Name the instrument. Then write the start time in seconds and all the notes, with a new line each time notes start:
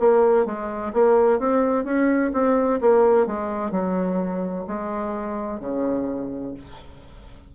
bassoon
0.00 A#3
0.46 G#3
0.93 A#3
1.39 C4
1.85 C#4
2.33 C4
2.81 A#3
3.26 G#3
3.72 F#3
4.67 G#3
5.60 C#3